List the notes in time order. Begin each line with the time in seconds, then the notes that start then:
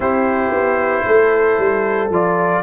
0.00 C4 E4 G4 C5
0.50 B3
1.07 A3 A4
1.58 G3
2.10 F3 F4 D5